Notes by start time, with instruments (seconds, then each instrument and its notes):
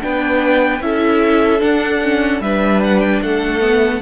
0.00 cello B3, viola D4, violin B4 G5
0.80 cello C#4, viola E4, violin A4 E5
1.59 viola D4, cello D4, violin F#5
2.02 viola C#4
2.40 cello G3, viola D4, violin B4 E5
2.83 violin F#5
3.00 violin G5
3.22 cello A3, violin A4 F#5
3.61 viola B3